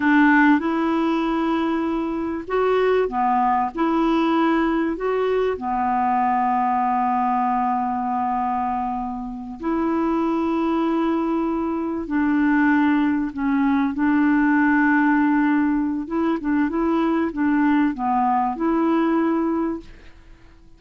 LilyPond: \new Staff \with { instrumentName = "clarinet" } { \time 4/4 \tempo 4 = 97 d'4 e'2. | fis'4 b4 e'2 | fis'4 b2.~ | b2.~ b8 e'8~ |
e'2.~ e'8 d'8~ | d'4. cis'4 d'4.~ | d'2 e'8 d'8 e'4 | d'4 b4 e'2 | }